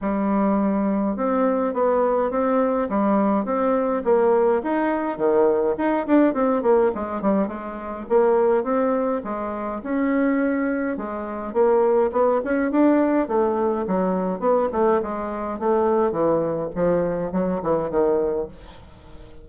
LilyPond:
\new Staff \with { instrumentName = "bassoon" } { \time 4/4 \tempo 4 = 104 g2 c'4 b4 | c'4 g4 c'4 ais4 | dis'4 dis4 dis'8 d'8 c'8 ais8 | gis8 g8 gis4 ais4 c'4 |
gis4 cis'2 gis4 | ais4 b8 cis'8 d'4 a4 | fis4 b8 a8 gis4 a4 | e4 f4 fis8 e8 dis4 | }